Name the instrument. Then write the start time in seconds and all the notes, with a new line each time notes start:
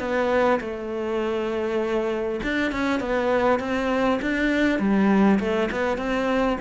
cello
0.00 B3
0.61 A3
2.44 D4
2.72 C#4
3.01 B3
3.60 C4
4.22 D4
4.80 G3
5.40 A3
5.72 B3
5.98 C4